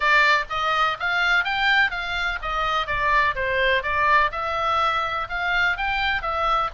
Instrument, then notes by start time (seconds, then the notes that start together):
oboe
0.00 D5
0.49 D#5
0.99 F5
1.44 G5
1.90 F5
2.42 D#5
2.86 D5
3.35 C5
3.83 D5
4.31 E5
5.29 F5
5.77 G5
6.22 E5